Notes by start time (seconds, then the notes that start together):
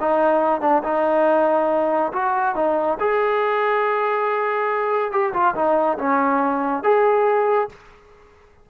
0.00 D#4
0.61 D4
0.83 D#4
2.12 F#4
2.55 D#4
3.00 G#4
5.11 G4
5.33 F4
5.54 D#4
5.98 C#4
6.83 G#4